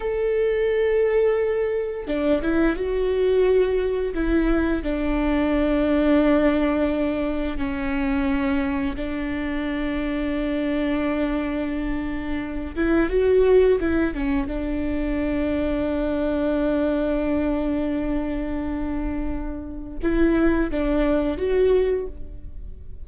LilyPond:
\new Staff \with { instrumentName = "viola" } { \time 4/4 \tempo 4 = 87 a'2. d'8 e'8 | fis'2 e'4 d'4~ | d'2. cis'4~ | cis'4 d'2.~ |
d'2~ d'8 e'8 fis'4 | e'8 cis'8 d'2.~ | d'1~ | d'4 e'4 d'4 fis'4 | }